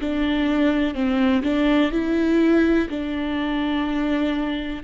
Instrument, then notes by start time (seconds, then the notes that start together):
viola
0.00 D4
0.94 C4
1.43 D4
1.91 E4
2.89 D4